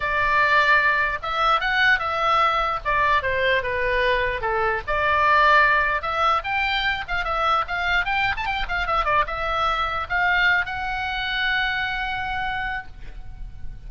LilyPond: \new Staff \with { instrumentName = "oboe" } { \time 4/4 \tempo 4 = 149 d''2. e''4 | fis''4 e''2 d''4 | c''4 b'2 a'4 | d''2. e''4 |
g''4. f''8 e''4 f''4 | g''8. a''16 g''8 f''8 e''8 d''8 e''4~ | e''4 f''4. fis''4.~ | fis''1 | }